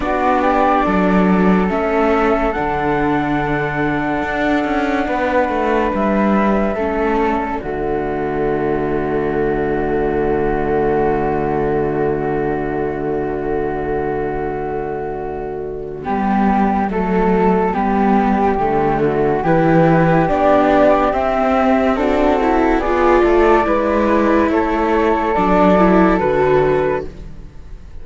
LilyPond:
<<
  \new Staff \with { instrumentName = "flute" } { \time 4/4 \tempo 4 = 71 d''2 e''4 fis''4~ | fis''2. e''4~ | e''8 d''2.~ d''8~ | d''1~ |
d''1~ | d''2. b'4 | d''4 e''4 a'4 d''4~ | d''4 cis''4 d''4 b'4 | }
  \new Staff \with { instrumentName = "flute" } { \time 4/4 fis'8 g'8 a'2.~ | a'2 b'2 | a'4 fis'2.~ | fis'1~ |
fis'2. g'4 | a'4 g'4. fis'8 g'4~ | g'2 fis'4 gis'8 a'8 | b'4 a'2. | }
  \new Staff \with { instrumentName = "viola" } { \time 4/4 d'2 cis'4 d'4~ | d'1 | cis'4 a2.~ | a1~ |
a2. b4 | a4 b4 a4 e'4 | d'4 c'4 d'8 e'8 f'4 | e'2 d'8 e'8 fis'4 | }
  \new Staff \with { instrumentName = "cello" } { \time 4/4 b4 fis4 a4 d4~ | d4 d'8 cis'8 b8 a8 g4 | a4 d2.~ | d1~ |
d2. g4 | fis4 g4 d4 e4 | b4 c'2 b8 a8 | gis4 a4 fis4 d4 | }
>>